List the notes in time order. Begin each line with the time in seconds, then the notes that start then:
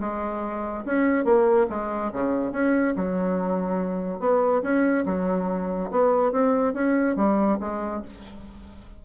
0.00 G#3
0.85 C#4
1.24 A#3
1.69 G#3
2.13 C#3
2.52 C#4
2.96 F#3
4.20 B3
4.62 C#4
5.06 F#3
5.91 B3
6.32 C4
6.74 C#4
7.16 G3
7.60 G#3